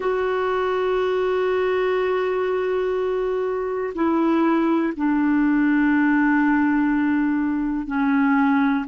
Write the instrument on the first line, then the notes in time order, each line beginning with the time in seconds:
clarinet
0.00 F#4
3.94 E4
4.96 D4
7.86 C#4